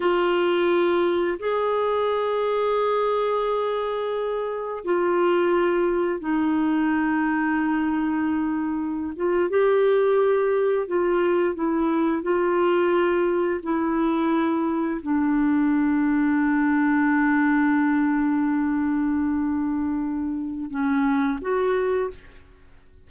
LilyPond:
\new Staff \with { instrumentName = "clarinet" } { \time 4/4 \tempo 4 = 87 f'2 gis'2~ | gis'2. f'4~ | f'4 dis'2.~ | dis'4~ dis'16 f'8 g'2 f'16~ |
f'8. e'4 f'2 e'16~ | e'4.~ e'16 d'2~ d'16~ | d'1~ | d'2 cis'4 fis'4 | }